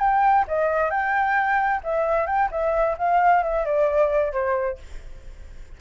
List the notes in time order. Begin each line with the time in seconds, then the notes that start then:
0.00 G5
0.48 D#5
0.91 G5
1.84 E5
2.27 G5
2.52 E5
2.98 F5
3.44 E5
3.66 D5
4.33 C5